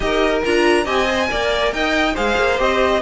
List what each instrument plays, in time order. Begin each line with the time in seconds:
0.00 cello D#4, viola G4, violin A#4 D#5
0.45 cello D4, viola F4, violin A#5
0.84 cello C4, viola G4, violin D#5 G#5
1.07 viola C5
1.26 cello A#3, viola A#4, violin D5
1.72 cello D#4, violin D#5 G5
2.14 cello G#3, viola G#4, violin C5 F5
2.37 cello A#3
2.57 cello C4, viola G4, violin D#5